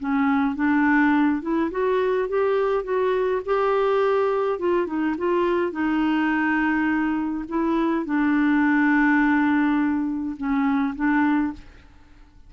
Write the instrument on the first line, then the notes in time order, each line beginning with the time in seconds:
clarinet
0.00 C#4
0.56 D4
1.42 E4
1.71 F#4
2.29 G4
2.84 F#4
3.46 G4
4.59 F4
4.87 D#4
5.18 F4
5.72 D#4
7.49 E4
8.06 D4
10.37 C#4
10.96 D4